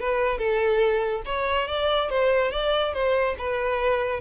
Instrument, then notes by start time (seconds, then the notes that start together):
violin
0.00 B4
0.38 A4
1.26 C#5
1.68 D5
2.10 C5
2.52 D5
2.93 C5
3.39 B4